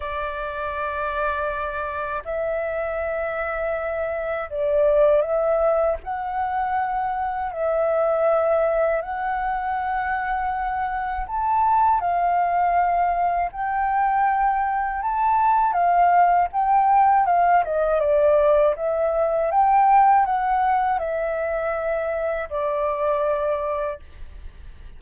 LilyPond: \new Staff \with { instrumentName = "flute" } { \time 4/4 \tempo 4 = 80 d''2. e''4~ | e''2 d''4 e''4 | fis''2 e''2 | fis''2. a''4 |
f''2 g''2 | a''4 f''4 g''4 f''8 dis''8 | d''4 e''4 g''4 fis''4 | e''2 d''2 | }